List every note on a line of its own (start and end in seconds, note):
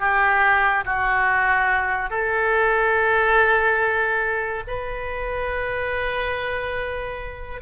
0.00 0.85 G4
0.86 2.10 F#4
2.10 4.64 A4
4.67 7.62 B4